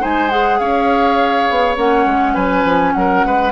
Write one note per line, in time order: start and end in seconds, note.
0.00 0.60 G#3
0.00 0.29 D#4
0.00 0.60 C5
0.00 0.30 G#5
0.30 1.77 G#4
0.30 0.59 F#5
0.59 1.48 C#4
0.59 2.34 C#5
0.59 1.77 F5
1.50 1.77 B3
1.77 2.06 A#3
1.77 3.53 C#4
1.77 2.35 F#5
2.06 2.36 G#3
2.34 2.64 F#3
2.34 2.93 B4
2.34 2.93 G#5
2.64 2.94 F3
2.93 3.25 F#3
2.93 3.26 A#4
2.93 3.52 F#5
3.25 3.53 G#3
3.25 3.53 B4